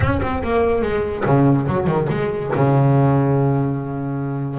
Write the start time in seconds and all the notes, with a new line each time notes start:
0.00 C#4
0.22 C4
0.43 A#3
0.82 G#3
1.25 C#3
1.67 F#3
1.87 D#3
2.09 G#3
2.55 C#3